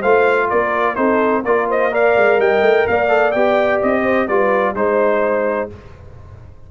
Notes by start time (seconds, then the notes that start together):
0.00 A3 F4 C5 F5
0.50 A#3 A#4 D5
0.96 C4 D#4 A4 C5
1.45 A#3 F4 A#4 D5
1.69 C5 D#5
1.92 A#4 D5 F5
2.17 G#3
2.39 G3 D#5 G5
2.62 A3
2.87 A#3 D5 F5
3.09 A4
3.32 B3 G4 G5
3.83 C4 D#5
4.03 C5
4.27 G3 F4 B4 D5
4.74 G#3 D#4 C5